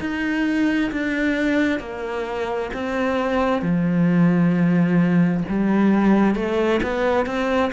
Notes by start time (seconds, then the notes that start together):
0.00 D#4
0.92 D4
1.79 A#3
2.74 C4
3.62 F3
5.49 G3
6.35 A3
6.83 B3
7.26 C4